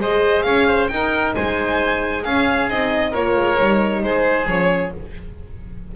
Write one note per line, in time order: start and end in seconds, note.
0.00 0.44 G#3
0.00 0.89 G#4
0.00 0.45 C5
0.00 0.42 D#5
0.42 0.89 C#4
0.42 0.67 C#5
0.42 0.87 F5
0.67 0.89 C5
0.88 2.23 D#4
0.88 1.35 D#4
0.88 1.35 A#4
0.88 1.33 G5
1.35 2.26 G#3
1.35 2.23 C5
1.35 2.24 G#5
2.23 2.69 C#4
2.23 2.70 C#4
2.23 3.11 G#4
2.23 2.68 F5
2.69 3.14 C4
2.69 3.12 D#4
2.69 3.14 D#5
3.11 3.36 A#3
3.11 3.57 F4
3.11 4.01 A#4
3.11 4.03 C#5
3.36 3.58 G#3
3.57 4.03 G3
3.57 4.46 D#4
4.03 4.46 G#3
4.03 4.95 G#4
4.03 4.48 C5
4.46 4.91 F3
4.46 4.94 C#4
4.46 4.93 C#5